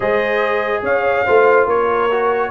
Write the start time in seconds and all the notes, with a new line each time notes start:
0.00 G#3 G#4 C5 D#5
0.82 C#4 C#5 F5
1.25 A3 F4 C5
1.66 A#3 A#4 C#5
2.10 F#4